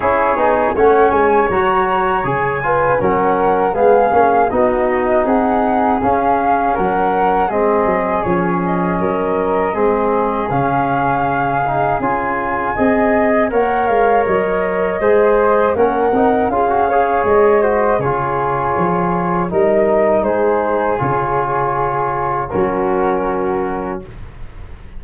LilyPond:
<<
  \new Staff \with { instrumentName = "flute" } { \time 4/4 \tempo 4 = 80 cis''4 fis''8 gis''8 ais''4 gis''4 | fis''4 f''4 dis''4 fis''4 | f''4 fis''4 dis''4 cis''8 dis''8~ | dis''2 f''2 |
gis''2 fis''8 f''8 dis''4~ | dis''4 fis''4 f''4 dis''4 | cis''2 dis''4 c''4 | cis''2 ais'2 | }
  \new Staff \with { instrumentName = "flute" } { \time 4/4 gis'4 cis''2~ cis''8 b'8 | ais'4 gis'4 fis'4 gis'4~ | gis'4 ais'4 gis'2 | ais'4 gis'2.~ |
gis'4 dis''4 cis''2 | c''4 ais'4 gis'8 cis''4 c''8 | gis'2 ais'4 gis'4~ | gis'2 fis'2 | }
  \new Staff \with { instrumentName = "trombone" } { \time 4/4 e'8 dis'8 cis'4 fis'4 gis'8 f'8 | cis'4 b8 cis'8 dis'2 | cis'2 c'4 cis'4~ | cis'4 c'4 cis'4. dis'8 |
f'4 gis'4 ais'2 | gis'4 cis'8 dis'8 f'16 fis'16 gis'4 fis'8 | f'2 dis'2 | f'2 cis'2 | }
  \new Staff \with { instrumentName = "tuba" } { \time 4/4 cis'8 b8 a8 gis8 fis4 cis4 | fis4 gis8 ais8 b4 c'4 | cis'4 fis4 gis8 fis8 f4 | fis4 gis4 cis2 |
cis'4 c'4 ais8 gis8 fis4 | gis4 ais8 c'8 cis'4 gis4 | cis4 f4 g4 gis4 | cis2 fis2 | }
>>